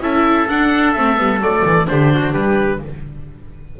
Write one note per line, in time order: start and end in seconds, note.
0.00 0.47 C#4
0.00 0.48 E4
0.00 1.89 A4
0.00 0.48 E5
0.48 0.96 D4
0.48 0.93 F#5
0.93 1.18 A3
0.93 1.16 C4
0.93 1.39 E5
1.16 1.40 G3
1.16 1.39 B3
1.40 1.63 F#3
1.40 1.86 A3
1.40 1.87 D5
1.64 1.88 E3
1.86 2.33 D3
1.86 2.79 D4
1.86 2.14 G4
1.86 2.33 C5
2.15 2.33 F#4
2.33 2.79 G3
2.33 2.80 G4
2.33 2.80 B4